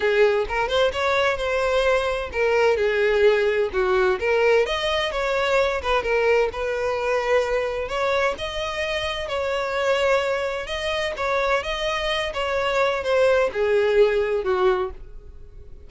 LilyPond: \new Staff \with { instrumentName = "violin" } { \time 4/4 \tempo 4 = 129 gis'4 ais'8 c''8 cis''4 c''4~ | c''4 ais'4 gis'2 | fis'4 ais'4 dis''4 cis''4~ | cis''8 b'8 ais'4 b'2~ |
b'4 cis''4 dis''2 | cis''2. dis''4 | cis''4 dis''4. cis''4. | c''4 gis'2 fis'4 | }